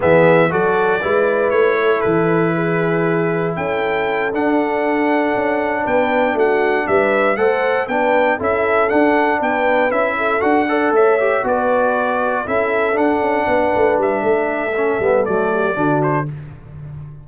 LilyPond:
<<
  \new Staff \with { instrumentName = "trumpet" } { \time 4/4 \tempo 4 = 118 e''4 d''2 cis''4 | b'2. g''4~ | g''8 fis''2. g''8~ | g''8 fis''4 e''4 fis''4 g''8~ |
g''8 e''4 fis''4 g''4 e''8~ | e''8 fis''4 e''4 d''4.~ | d''8 e''4 fis''2 e''8~ | e''2 d''4. c''8 | }
  \new Staff \with { instrumentName = "horn" } { \time 4/4 gis'4 a'4 b'4. a'8~ | a'4 gis'2 a'4~ | a'2.~ a'8 b'8~ | b'8 fis'4 b'4 c''4 b'8~ |
b'8 a'2 b'4. | a'4 d''8 cis''4 b'4.~ | b'8 a'2 b'4. | a'2~ a'8 g'8 fis'4 | }
  \new Staff \with { instrumentName = "trombone" } { \time 4/4 b4 fis'4 e'2~ | e'1~ | e'8 d'2.~ d'8~ | d'2~ d'8 a'4 d'8~ |
d'8 e'4 d'2 e'8~ | e'8 fis'8 a'4 g'8 fis'4.~ | fis'8 e'4 d'2~ d'8~ | d'4 cis'8 b8 a4 d'4 | }
  \new Staff \with { instrumentName = "tuba" } { \time 4/4 e4 fis4 gis4 a4 | e2. cis'4~ | cis'8 d'2 cis'4 b8~ | b8 a4 g4 a4 b8~ |
b8 cis'4 d'4 b4 cis'8~ | cis'8 d'4 a4 b4.~ | b8 cis'4 d'8 cis'8 b8 a8 g8 | a4. g8 fis4 d4 | }
>>